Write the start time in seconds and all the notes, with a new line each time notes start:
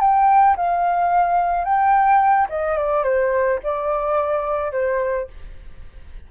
0.00 G5
0.56 F5
1.64 G5
2.49 D#5
2.77 D5
3.03 C5
3.63 D5
4.71 C5